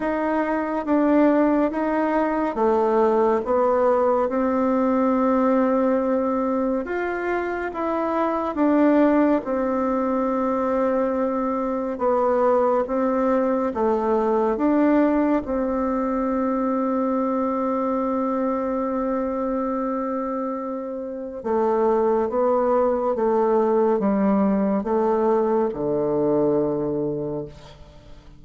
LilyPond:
\new Staff \with { instrumentName = "bassoon" } { \time 4/4 \tempo 4 = 70 dis'4 d'4 dis'4 a4 | b4 c'2. | f'4 e'4 d'4 c'4~ | c'2 b4 c'4 |
a4 d'4 c'2~ | c'1~ | c'4 a4 b4 a4 | g4 a4 d2 | }